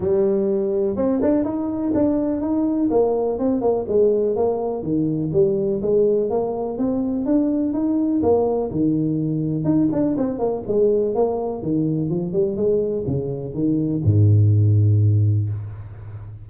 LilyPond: \new Staff \with { instrumentName = "tuba" } { \time 4/4 \tempo 4 = 124 g2 c'8 d'8 dis'4 | d'4 dis'4 ais4 c'8 ais8 | gis4 ais4 dis4 g4 | gis4 ais4 c'4 d'4 |
dis'4 ais4 dis2 | dis'8 d'8 c'8 ais8 gis4 ais4 | dis4 f8 g8 gis4 cis4 | dis4 gis,2. | }